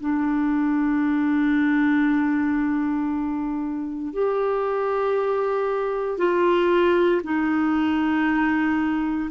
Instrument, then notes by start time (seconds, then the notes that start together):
clarinet
0.00 D4
4.13 G4
6.18 F4
7.23 D#4